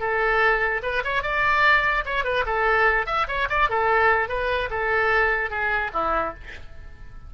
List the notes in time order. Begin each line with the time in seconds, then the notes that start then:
0.00 A4
0.83 B4
1.05 C#5
1.23 D5
2.06 C#5
2.24 B4
2.46 A4
3.07 E5
3.28 C#5
3.50 D5
3.70 A4
4.29 B4
4.71 A4
5.50 G#4
5.94 E4